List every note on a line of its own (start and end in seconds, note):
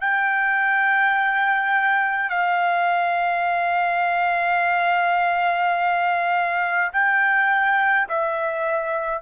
0.00 2.29 G5
2.29 6.91 F5
6.92 8.07 G5
8.08 9.22 E5